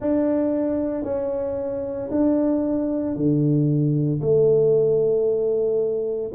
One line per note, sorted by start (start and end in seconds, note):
0.00 1.03 D4
1.03 2.09 C#4
2.11 3.15 D4
3.15 4.21 D3
4.21 6.31 A3